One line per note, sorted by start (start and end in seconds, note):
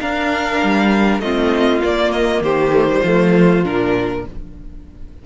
0.00 0.61 D4
0.00 1.22 D4
0.00 1.22 A#4
0.00 1.20 F5
0.63 1.19 G3
1.19 1.79 A3
1.19 1.82 C4
1.19 2.42 F4
1.19 1.81 D#5
1.82 2.72 A#3
1.82 2.41 A#3
1.82 2.12 D5
2.12 2.42 D#5
2.41 3.01 D#3
2.41 3.01 G4
2.41 3.64 C5
2.72 2.87 A3
2.89 3.04 G3
3.01 3.64 F3
3.01 3.64 A3
3.01 4.22 F4
3.64 4.24 A#2
3.64 4.24 D4
3.64 4.26 A#4